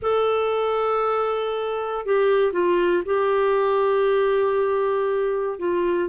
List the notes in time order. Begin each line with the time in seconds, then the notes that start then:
0.02 A4
2.05 G4
2.52 F4
3.05 G4
5.58 F4